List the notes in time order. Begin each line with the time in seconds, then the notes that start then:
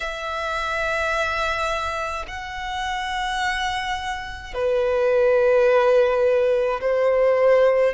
0.00 E5
2.27 F#5
4.53 B4
6.80 C5